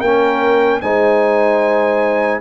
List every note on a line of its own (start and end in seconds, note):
0.00 0.81 A#3
0.00 0.82 C#4
0.00 0.80 A#4
0.00 0.80 G5
0.81 2.40 G#3
0.81 2.40 D#4
0.81 2.40 C5
0.81 2.40 G#5